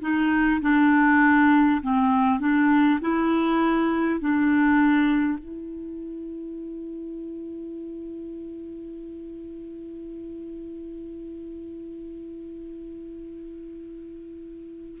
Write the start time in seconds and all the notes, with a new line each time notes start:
0.00 D#4
0.61 D4
1.82 C4
2.39 D4
3.01 E4
4.20 D4
5.38 E4